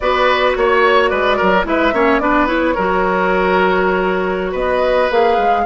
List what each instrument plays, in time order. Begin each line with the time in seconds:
0.00 bassoon B3, clarinet F#4, oboe B4, flute D5
0.55 bassoon A#3, flute C#5, oboe C#5
1.08 bassoon G#3, oboe B4, flute D5
1.37 bassoon F#3, oboe A#4
1.64 bassoon G#3, clarinet E4, oboe B4, flute E5
1.93 bassoon A#3, clarinet C#4, oboe C#5
2.19 bassoon B3, clarinet D4, oboe B4, flute D5
2.46 clarinet E4, flute C#5
2.75 bassoon F#3, clarinet F#4, oboe A#4
4.51 bassoon B3, oboe B4, flute D#5
5.10 bassoon A#3, clarinet G#4, flute F5
5.37 bassoon G#3